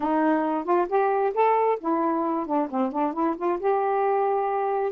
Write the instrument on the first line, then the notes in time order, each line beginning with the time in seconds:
saxophone
0.00 D#4
0.64 F4
0.89 G4
1.34 A4
1.80 E4
2.46 D4
2.70 C4
2.92 D4
3.13 E4
3.36 F4
3.59 G4